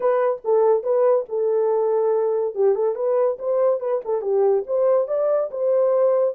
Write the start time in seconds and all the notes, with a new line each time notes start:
0.00 B4
0.44 A4
0.83 B4
1.28 A4
2.54 G4
2.75 A4
2.95 B4
3.38 C5
3.80 B4
4.04 A4
4.21 G4
4.67 C5
5.07 D5
5.50 C5